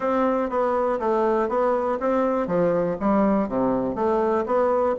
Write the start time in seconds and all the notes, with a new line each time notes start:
0.00 C4
0.49 B3
0.99 A3
1.48 B3
1.99 C4
2.47 F3
3.00 G3
3.48 C3
3.95 A3
4.46 B3